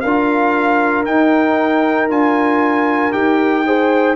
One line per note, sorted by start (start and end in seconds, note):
0.00 1.05 D4
0.00 3.65 A#4
0.00 1.03 F5
0.06 1.06 F4
1.05 2.09 D#4
1.05 2.08 G5
2.09 3.12 D4
2.09 3.11 F4
2.09 3.12 G#5
3.11 4.15 D#4
3.11 3.62 G4
3.11 4.15 G5
3.66 4.15 G#4
3.66 4.15 C5